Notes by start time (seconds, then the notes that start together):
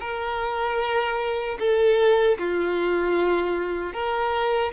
0.00 A#4
1.59 A4
2.38 F4
3.93 A#4